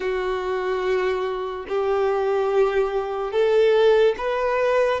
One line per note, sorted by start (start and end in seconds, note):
0.00 1.66 F#4
1.68 3.31 G4
3.31 4.15 A4
4.17 5.00 B4